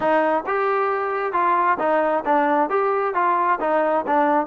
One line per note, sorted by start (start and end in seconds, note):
0.00 0.44 D#4
0.46 1.32 G4
1.32 1.77 F4
1.79 2.23 D#4
2.25 2.69 D4
2.69 3.14 G4
3.14 3.59 F4
3.60 4.05 D#4
4.06 4.46 D4